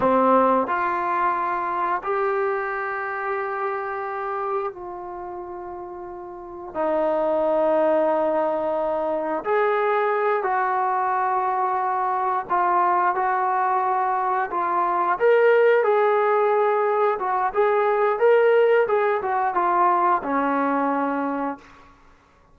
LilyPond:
\new Staff \with { instrumentName = "trombone" } { \time 4/4 \tempo 4 = 89 c'4 f'2 g'4~ | g'2. f'4~ | f'2 dis'2~ | dis'2 gis'4. fis'8~ |
fis'2~ fis'8 f'4 fis'8~ | fis'4. f'4 ais'4 gis'8~ | gis'4. fis'8 gis'4 ais'4 | gis'8 fis'8 f'4 cis'2 | }